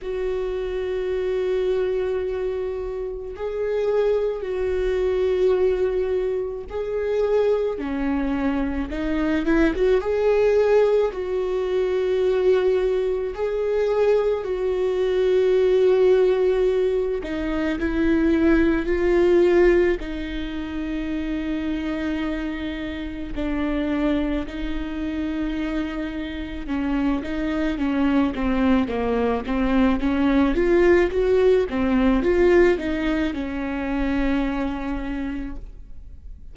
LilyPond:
\new Staff \with { instrumentName = "viola" } { \time 4/4 \tempo 4 = 54 fis'2. gis'4 | fis'2 gis'4 cis'4 | dis'8 e'16 fis'16 gis'4 fis'2 | gis'4 fis'2~ fis'8 dis'8 |
e'4 f'4 dis'2~ | dis'4 d'4 dis'2 | cis'8 dis'8 cis'8 c'8 ais8 c'8 cis'8 f'8 | fis'8 c'8 f'8 dis'8 cis'2 | }